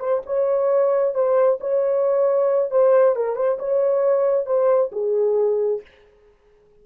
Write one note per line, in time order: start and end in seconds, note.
0.00 0.22 C5
0.26 1.15 C#5
1.15 1.59 C5
1.61 2.71 C#5
2.71 3.16 C5
3.16 3.36 A#4
3.36 3.58 C5
3.59 4.46 C#5
4.46 4.91 C5
4.92 5.82 G#4